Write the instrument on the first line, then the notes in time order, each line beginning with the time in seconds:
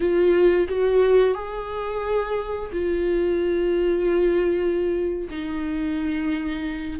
viola
0.00 F4
0.68 F#4
1.34 G#4
2.72 F4
5.30 D#4